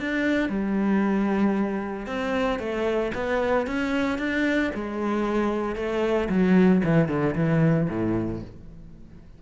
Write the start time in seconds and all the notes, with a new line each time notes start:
0.00 D4
0.49 G3
2.06 C4
2.59 A3
3.15 B3
3.67 C#4
4.19 D4
4.74 G#3
5.76 A3
6.29 F#3
6.84 E3
7.08 D3
7.35 E3
7.89 A2